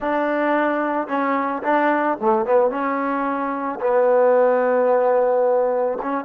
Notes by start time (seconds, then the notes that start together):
0.00 D4
1.07 C#4
1.62 D4
2.20 A3
2.45 B3
2.70 C#4
3.80 B3
6.02 C#4